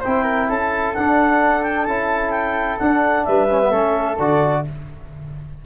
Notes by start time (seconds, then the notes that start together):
0.00 C4 E4 C5 G5
0.23 A#4
0.49 C#4 A4 A5
0.94 D4 F#5
1.63 G5
1.85 C#4 E4 A5
2.31 G5
2.79 D4 F#5
3.25 G3 B4 E5
3.50 C#4
3.62 B3
3.71 A3 C#4 A4
4.18 D3 F#4 D5